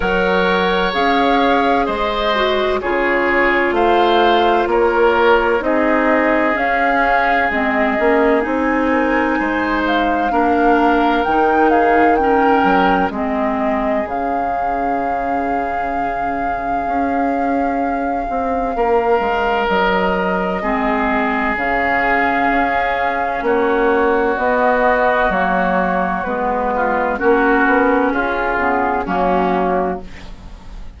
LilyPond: <<
  \new Staff \with { instrumentName = "flute" } { \time 4/4 \tempo 4 = 64 fis''4 f''4 dis''4 cis''4 | f''4 cis''4 dis''4 f''4 | dis''4 gis''4. f''4. | g''8 f''8 g''4 dis''4 f''4~ |
f''1~ | f''4 dis''2 f''4~ | f''4 cis''4 dis''4 cis''4 | b'4 ais'4 gis'4 fis'4 | }
  \new Staff \with { instrumentName = "oboe" } { \time 4/4 cis''2 c''4 gis'4 | c''4 ais'4 gis'2~ | gis'4. ais'8 c''4 ais'4~ | ais'8 gis'8 ais'4 gis'2~ |
gis'1 | ais'2 gis'2~ | gis'4 fis'2.~ | fis'8 f'8 fis'4 f'4 cis'4 | }
  \new Staff \with { instrumentName = "clarinet" } { \time 4/4 ais'4 gis'4. fis'8 f'4~ | f'2 dis'4 cis'4 | c'8 cis'8 dis'2 d'4 | dis'4 cis'4 c'4 cis'4~ |
cis'1~ | cis'2 c'4 cis'4~ | cis'2 b4 ais4 | b4 cis'4. b8 ais4 | }
  \new Staff \with { instrumentName = "bassoon" } { \time 4/4 fis4 cis'4 gis4 cis4 | a4 ais4 c'4 cis'4 | gis8 ais8 c'4 gis4 ais4 | dis4. fis8 gis4 cis4~ |
cis2 cis'4. c'8 | ais8 gis8 fis4 gis4 cis4 | cis'4 ais4 b4 fis4 | gis4 ais8 b8 cis'8 cis8 fis4 | }
>>